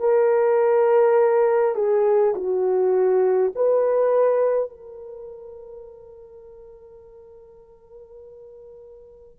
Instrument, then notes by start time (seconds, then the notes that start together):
horn
0.00 A#4
1.75 G#4
2.35 F#4
3.56 B4
4.71 A#4